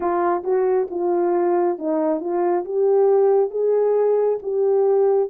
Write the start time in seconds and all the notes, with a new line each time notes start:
0.00 F4
0.43 F#4
0.90 F4
1.78 D#4
2.20 F4
2.64 G4
3.50 G#4
4.42 G4